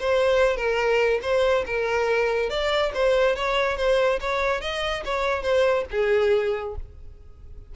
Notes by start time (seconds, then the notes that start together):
0.00 C5
0.57 A#4
1.23 C5
1.66 A#4
2.50 D5
2.95 C5
3.36 C#5
3.77 C5
4.21 C#5
4.61 D#5
5.05 C#5
5.43 C5
5.91 G#4